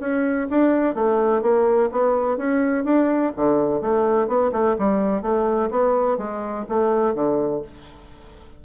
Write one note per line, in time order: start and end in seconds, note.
0.00 0.48 C#4
0.50 0.95 D4
0.95 1.42 A3
1.42 1.90 A#3
1.92 2.37 B3
2.37 2.84 C#4
2.84 3.32 D4
3.36 3.81 D3
3.81 4.28 A3
4.28 4.52 B3
4.52 4.76 A3
4.78 5.22 G3
5.22 5.70 A3
5.71 6.18 B3
6.18 6.65 G#3
6.69 7.15 A3
7.15 7.62 D3